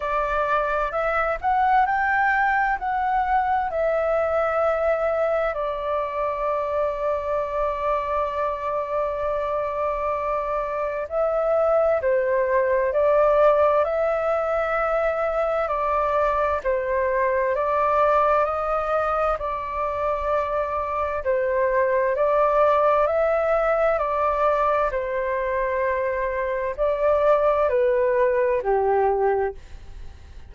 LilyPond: \new Staff \with { instrumentName = "flute" } { \time 4/4 \tempo 4 = 65 d''4 e''8 fis''8 g''4 fis''4 | e''2 d''2~ | d''1 | e''4 c''4 d''4 e''4~ |
e''4 d''4 c''4 d''4 | dis''4 d''2 c''4 | d''4 e''4 d''4 c''4~ | c''4 d''4 b'4 g'4 | }